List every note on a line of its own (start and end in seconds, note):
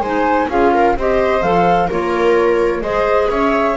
0.00 0.47 G#3
0.00 0.50 D#4
0.00 0.48 C5
0.00 0.49 G#5
0.48 0.95 C#4
0.48 0.96 F4
0.48 0.73 G#4
0.48 0.97 F5
0.74 0.97 A#4
0.96 1.42 C4
0.96 1.42 G4
0.96 1.88 C5
0.96 1.42 D#5
1.42 1.89 F3
1.42 1.89 A4
1.42 1.89 F5
1.88 2.81 A#3
1.88 2.83 F4
1.88 2.81 A#4
1.88 2.82 C#5
2.81 3.28 G#3
2.81 3.76 G#4
2.81 3.30 C5
2.81 3.29 D#5
3.29 3.76 C#4
3.29 3.76 C#5
3.29 3.76 E5